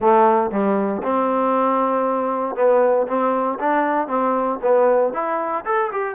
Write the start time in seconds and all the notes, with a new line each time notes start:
0.00 A3
0.50 G3
1.03 C4
2.55 B3
3.07 C4
3.59 D4
4.07 C4
4.62 B3
5.13 E4
5.65 A4
5.92 G4